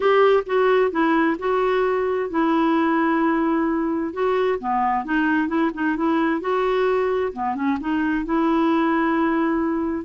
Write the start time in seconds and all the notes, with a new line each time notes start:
0.00 G4
0.46 F#4
0.91 E4
1.38 F#4
2.30 E4
4.13 F#4
4.59 B3
5.05 D#4
5.47 E4
5.74 D#4
5.96 E4
6.40 F#4
7.32 B3
7.55 C#4
7.80 D#4
8.25 E4